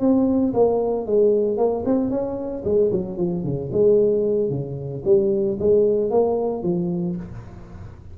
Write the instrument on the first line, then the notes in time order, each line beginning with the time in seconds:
tuba
0.00 C4
0.54 A#3
1.06 G#3
1.58 A#3
1.86 C4
2.10 C#4
2.65 G#3
2.92 F#3
3.18 F3
3.44 C#3
3.73 G#3
4.50 C#3
5.05 G3
5.59 G#3
6.11 A#3
6.63 F3